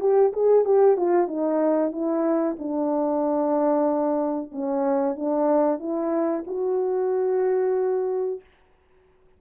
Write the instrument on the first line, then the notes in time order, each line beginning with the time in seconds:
horn
0.00 G4
0.33 G#4
0.65 G4
0.97 F4
1.28 D#4
1.92 E4
2.59 D4
4.52 C#4
5.16 D4
5.79 E4
6.47 F#4